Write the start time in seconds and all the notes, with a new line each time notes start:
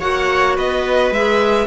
0.00 A#3 F#4 C#5 F#5
0.56 B3 B4 D#5
1.11 G#3 G#4 E5